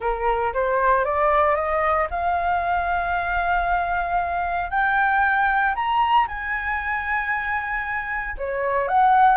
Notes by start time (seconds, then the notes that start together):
0.00 A#4
0.53 C5
1.04 D5
1.55 D#5
2.10 F5
4.70 G5
5.75 A#5
6.27 G#5
8.37 C#5
8.88 F#5